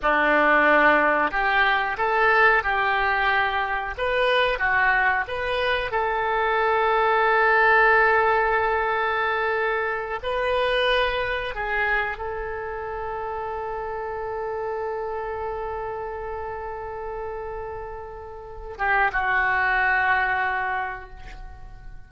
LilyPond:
\new Staff \with { instrumentName = "oboe" } { \time 4/4 \tempo 4 = 91 d'2 g'4 a'4 | g'2 b'4 fis'4 | b'4 a'2.~ | a'2.~ a'8 b'8~ |
b'4. gis'4 a'4.~ | a'1~ | a'1~ | a'8 g'8 fis'2. | }